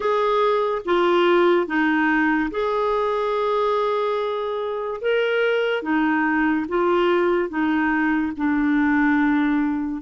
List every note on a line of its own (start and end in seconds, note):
0.00 0.81 G#4
0.85 1.66 F4
1.66 2.50 D#4
2.50 5.00 G#4
5.01 5.82 A#4
5.82 6.66 D#4
6.68 7.48 F4
7.48 8.32 D#4
8.36 10.01 D4